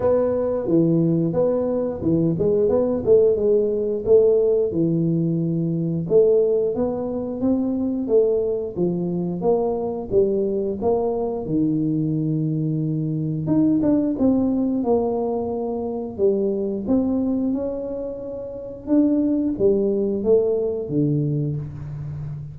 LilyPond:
\new Staff \with { instrumentName = "tuba" } { \time 4/4 \tempo 4 = 89 b4 e4 b4 e8 gis8 | b8 a8 gis4 a4 e4~ | e4 a4 b4 c'4 | a4 f4 ais4 g4 |
ais4 dis2. | dis'8 d'8 c'4 ais2 | g4 c'4 cis'2 | d'4 g4 a4 d4 | }